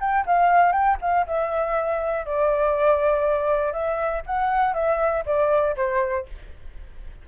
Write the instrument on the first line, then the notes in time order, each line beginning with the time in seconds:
flute
0.00 G5
0.26 F5
0.72 G5
1.01 F5
1.27 E5
2.25 D5
3.72 E5
4.26 F#5
4.74 E5
5.25 D5
5.76 C5